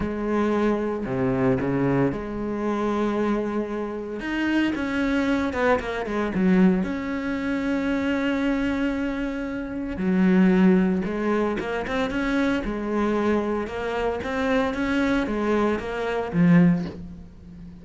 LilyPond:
\new Staff \with { instrumentName = "cello" } { \time 4/4 \tempo 4 = 114 gis2 c4 cis4 | gis1 | dis'4 cis'4. b8 ais8 gis8 | fis4 cis'2.~ |
cis'2. fis4~ | fis4 gis4 ais8 c'8 cis'4 | gis2 ais4 c'4 | cis'4 gis4 ais4 f4 | }